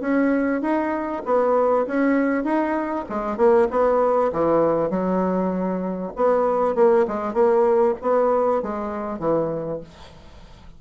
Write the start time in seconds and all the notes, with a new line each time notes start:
0.00 C#4
0.61 D#4
1.25 B3
1.86 C#4
2.44 D#4
3.09 G#3
3.37 A#3
3.70 B3
4.32 E3
4.90 F#3
6.16 B3
6.75 A#3
7.07 G#3
7.33 A#3
8.01 B3
8.62 G#3
9.19 E3